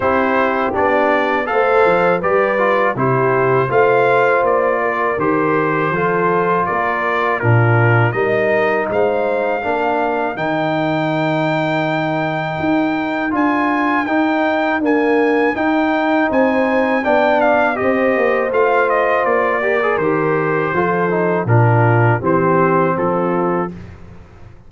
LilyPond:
<<
  \new Staff \with { instrumentName = "trumpet" } { \time 4/4 \tempo 4 = 81 c''4 d''4 f''4 d''4 | c''4 f''4 d''4 c''4~ | c''4 d''4 ais'4 dis''4 | f''2 g''2~ |
g''2 gis''4 g''4 | gis''4 g''4 gis''4 g''8 f''8 | dis''4 f''8 dis''8 d''4 c''4~ | c''4 ais'4 c''4 a'4 | }
  \new Staff \with { instrumentName = "horn" } { \time 4/4 g'2 c''4 b'4 | g'4 c''4. ais'4. | a'4 ais'4 f'4 ais'4 | c''4 ais'2.~ |
ais'1~ | ais'2 c''4 d''4 | c''2~ c''8 ais'4. | a'4 f'4 g'4 f'4 | }
  \new Staff \with { instrumentName = "trombone" } { \time 4/4 e'4 d'4 a'4 g'8 f'8 | e'4 f'2 g'4 | f'2 d'4 dis'4~ | dis'4 d'4 dis'2~ |
dis'2 f'4 dis'4 | ais4 dis'2 d'4 | g'4 f'4. g'16 gis'16 g'4 | f'8 dis'8 d'4 c'2 | }
  \new Staff \with { instrumentName = "tuba" } { \time 4/4 c'4 b4 a8 f8 g4 | c4 a4 ais4 dis4 | f4 ais4 ais,4 g4 | gis4 ais4 dis2~ |
dis4 dis'4 d'4 dis'4 | d'4 dis'4 c'4 b4 | c'8 ais8 a4 ais4 dis4 | f4 ais,4 e4 f4 | }
>>